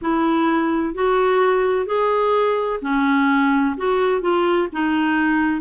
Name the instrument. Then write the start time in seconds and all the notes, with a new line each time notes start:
clarinet
0.01 E4
0.94 F#4
1.86 G#4
2.81 C#4
3.77 F#4
4.21 F4
4.72 D#4